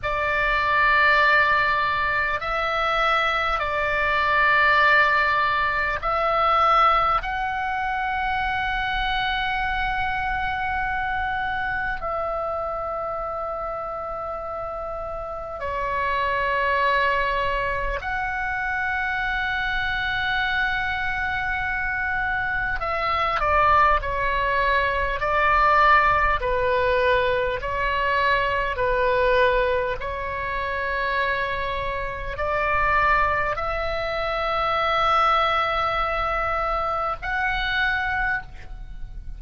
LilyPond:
\new Staff \with { instrumentName = "oboe" } { \time 4/4 \tempo 4 = 50 d''2 e''4 d''4~ | d''4 e''4 fis''2~ | fis''2 e''2~ | e''4 cis''2 fis''4~ |
fis''2. e''8 d''8 | cis''4 d''4 b'4 cis''4 | b'4 cis''2 d''4 | e''2. fis''4 | }